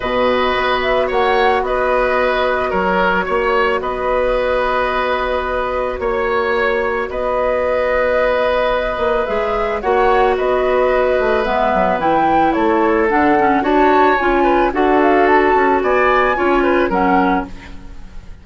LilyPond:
<<
  \new Staff \with { instrumentName = "flute" } { \time 4/4 \tempo 4 = 110 dis''4. e''8 fis''4 dis''4~ | dis''4 cis''2 dis''4~ | dis''2. cis''4~ | cis''4 dis''2.~ |
dis''4 e''4 fis''4 dis''4~ | dis''4 e''4 g''4 cis''4 | fis''4 a''4 gis''4 fis''8 f''8 | a''4 gis''2 fis''4 | }
  \new Staff \with { instrumentName = "oboe" } { \time 4/4 b'2 cis''4 b'4~ | b'4 ais'4 cis''4 b'4~ | b'2. cis''4~ | cis''4 b'2.~ |
b'2 cis''4 b'4~ | b'2. a'4~ | a'4 cis''4. b'8 a'4~ | a'4 d''4 cis''8 b'8 ais'4 | }
  \new Staff \with { instrumentName = "clarinet" } { \time 4/4 fis'1~ | fis'1~ | fis'1~ | fis'1~ |
fis'4 gis'4 fis'2~ | fis'4 b4 e'2 | d'8 cis'8 fis'4 f'4 fis'4~ | fis'2 f'4 cis'4 | }
  \new Staff \with { instrumentName = "bassoon" } { \time 4/4 b,4 b4 ais4 b4~ | b4 fis4 ais4 b4~ | b2. ais4~ | ais4 b2.~ |
b8 ais8 gis4 ais4 b4~ | b8 a8 gis8 fis8 e4 a4 | d4 d'4 cis'4 d'4~ | d'8 cis'8 b4 cis'4 fis4 | }
>>